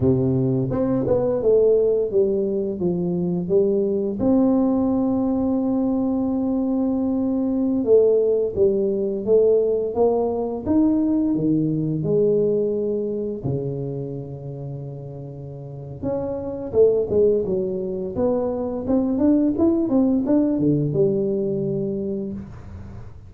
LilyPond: \new Staff \with { instrumentName = "tuba" } { \time 4/4 \tempo 4 = 86 c4 c'8 b8 a4 g4 | f4 g4 c'2~ | c'2.~ c'16 a8.~ | a16 g4 a4 ais4 dis'8.~ |
dis'16 dis4 gis2 cis8.~ | cis2. cis'4 | a8 gis8 fis4 b4 c'8 d'8 | e'8 c'8 d'8 d8 g2 | }